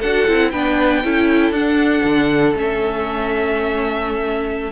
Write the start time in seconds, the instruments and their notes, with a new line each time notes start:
0.00 cello D4, viola F#4, violin A4 F#5
0.28 cello C4, viola E4
0.51 cello B3, viola D4, violin B4 G5
1.04 cello C#4, viola E4, violin A4
1.51 cello D4, viola D4, violin F#5
2.04 cello D3
2.55 cello A3, viola C#4, violin E5